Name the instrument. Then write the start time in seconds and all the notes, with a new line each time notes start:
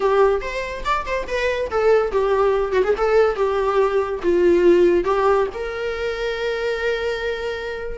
viola
0.00 G4
0.41 C5
0.84 D5
1.05 C5
1.27 B4
1.70 A4
2.11 G4
2.72 F#4
2.84 G#4
2.97 A4
3.35 G4
4.22 F4
5.04 G4
5.54 A#4